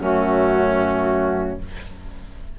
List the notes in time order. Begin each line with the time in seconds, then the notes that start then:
0.00 F#2 A3 C#4 F#4